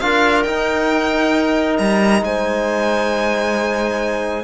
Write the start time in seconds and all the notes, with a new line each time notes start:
0.00 D4 F4 A#4 F5
0.43 D#4 G5
1.78 G3 A#5
2.22 G#3 C5 G#5